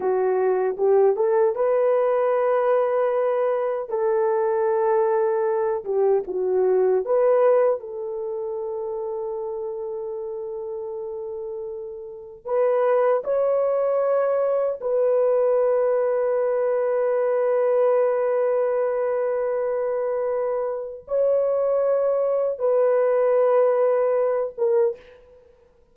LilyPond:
\new Staff \with { instrumentName = "horn" } { \time 4/4 \tempo 4 = 77 fis'4 g'8 a'8 b'2~ | b'4 a'2~ a'8 g'8 | fis'4 b'4 a'2~ | a'1 |
b'4 cis''2 b'4~ | b'1~ | b'2. cis''4~ | cis''4 b'2~ b'8 ais'8 | }